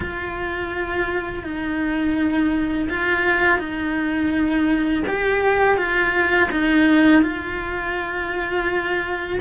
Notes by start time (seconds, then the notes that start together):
0.00 F4
1.43 D#4
2.89 F4
3.58 D#4
5.07 G4
5.77 F4
6.51 D#4
7.22 F4